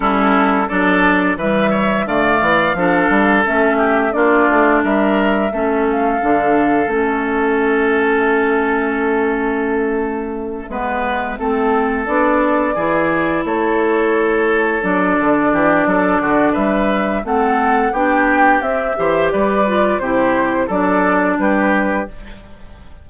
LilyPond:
<<
  \new Staff \with { instrumentName = "flute" } { \time 4/4 \tempo 4 = 87 a'4 d''4 e''4 f''4~ | f''4 e''4 d''4 e''4~ | e''8 f''4. e''2~ | e''1~ |
e''4. d''2 cis''8~ | cis''4. d''2~ d''8 | e''4 fis''4 g''4 e''4 | d''4 c''4 d''4 b'4 | }
  \new Staff \with { instrumentName = "oboe" } { \time 4/4 e'4 a'4 b'8 cis''8 d''4 | a'4. g'8 f'4 ais'4 | a'1~ | a'2.~ a'8 b'8~ |
b'8 a'2 gis'4 a'8~ | a'2~ a'8 g'8 a'8 fis'8 | b'4 a'4 g'4. c''8 | b'4 g'4 a'4 g'4 | }
  \new Staff \with { instrumentName = "clarinet" } { \time 4/4 cis'4 d'4 g4 a4 | d'4 cis'4 d'2 | cis'4 d'4 cis'2~ | cis'2.~ cis'8 b8~ |
b8 c'4 d'4 e'4.~ | e'4. d'2~ d'8~ | d'4 c'4 d'4 c'8 g'8~ | g'8 f'8 e'4 d'2 | }
  \new Staff \with { instrumentName = "bassoon" } { \time 4/4 g4 fis4 e4 d8 e8 | f8 g8 a4 ais8 a8 g4 | a4 d4 a2~ | a2.~ a8 gis8~ |
gis8 a4 b4 e4 a8~ | a4. fis8 d8 e8 fis8 d8 | g4 a4 b4 c'8 e8 | g4 c4 fis4 g4 | }
>>